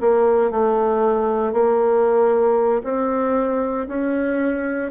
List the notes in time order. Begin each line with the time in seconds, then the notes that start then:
0.00 A#3
0.51 A3
1.52 A#3
2.84 C4
3.87 C#4